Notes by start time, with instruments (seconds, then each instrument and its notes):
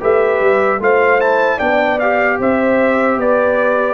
0.00 tuba A3, trombone G4, horn B4, trumpet E5
0.41 tuba G3
0.80 tuba A3, trombone F4, horn C5, trumpet F5
1.19 trombone E4, trumpet A5
1.57 tuba B3, trombone D4, horn D5, trumpet G5
1.99 trombone G4, trumpet F5
2.39 tuba C4, horn C5, trumpet E5
3.17 tuba B3, horn B4, trumpet D5